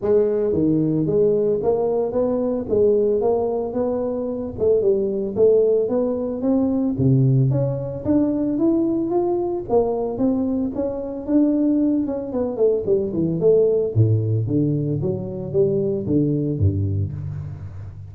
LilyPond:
\new Staff \with { instrumentName = "tuba" } { \time 4/4 \tempo 4 = 112 gis4 dis4 gis4 ais4 | b4 gis4 ais4 b4~ | b8 a8 g4 a4 b4 | c'4 c4 cis'4 d'4 |
e'4 f'4 ais4 c'4 | cis'4 d'4. cis'8 b8 a8 | g8 e8 a4 a,4 d4 | fis4 g4 d4 g,4 | }